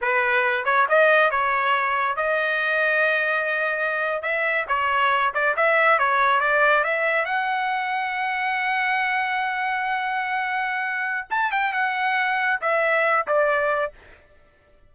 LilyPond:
\new Staff \with { instrumentName = "trumpet" } { \time 4/4 \tempo 4 = 138 b'4. cis''8 dis''4 cis''4~ | cis''4 dis''2.~ | dis''4.~ dis''16 e''4 cis''4~ cis''16~ | cis''16 d''8 e''4 cis''4 d''4 e''16~ |
e''8. fis''2.~ fis''16~ | fis''1~ | fis''2 a''8 g''8 fis''4~ | fis''4 e''4. d''4. | }